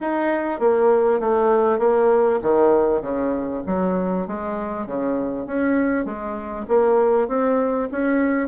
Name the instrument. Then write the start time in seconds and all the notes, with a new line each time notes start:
bassoon
0.01 D#4
0.59 A#3
1.20 A3
1.79 A#3
2.42 D#3
3.01 C#3
3.66 F#3
4.27 G#3
4.86 C#3
5.46 C#4
6.05 G#3
6.67 A#3
7.28 C4
7.91 C#4